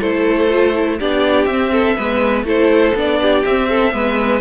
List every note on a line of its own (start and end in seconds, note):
0.00 1.01 A3
0.00 0.50 E4
0.00 0.98 A4
0.00 0.99 C5
0.50 0.75 F4
0.75 0.99 E4
0.99 1.46 B3
0.99 1.49 D4
0.99 1.72 G4
0.99 1.45 D5
1.45 1.95 C4
1.45 1.98 C4
1.45 2.44 E5
1.72 1.96 A4
1.96 2.44 G#3
1.96 2.45 B3
1.96 2.45 B4
2.44 2.93 A3
2.44 2.94 E4
2.44 3.20 A4
2.44 2.97 C5
2.95 3.44 B3
2.95 3.46 D4
2.95 3.44 D5
3.22 3.69 G4
3.44 3.93 C4
3.44 3.92 C4
3.44 4.40 E5
3.69 3.94 A4
3.92 4.40 G#3
3.92 4.40 B3
3.92 4.40 B4